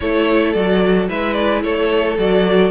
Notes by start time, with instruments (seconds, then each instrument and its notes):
0.00 cello A3, viola E4, violin A4 C#5
0.53 cello F#3, viola F#4, violin D5
1.08 cello G#3, viola E4, violin B4 E5
1.33 violin D5
1.63 cello A3, violin A4 C#5
2.18 cello F#3, viola F#4, violin D5